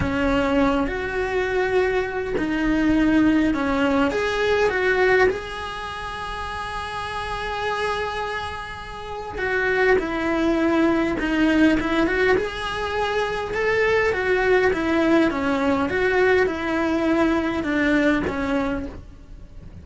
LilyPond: \new Staff \with { instrumentName = "cello" } { \time 4/4 \tempo 4 = 102 cis'4. fis'2~ fis'8 | dis'2 cis'4 gis'4 | fis'4 gis'2.~ | gis'1 |
fis'4 e'2 dis'4 | e'8 fis'8 gis'2 a'4 | fis'4 e'4 cis'4 fis'4 | e'2 d'4 cis'4 | }